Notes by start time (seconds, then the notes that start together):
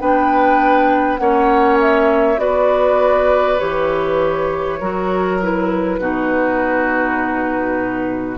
0.00 B3 D4 B4 G5
1.18 A#3 C#4 C#5 F#5
1.80 E5
2.38 B3 F#4 B4 D5
3.59 E3 G4 C#5
4.80 F#3 F#4 A#4
5.42 E4 B4
5.99 B2 D#4 F#4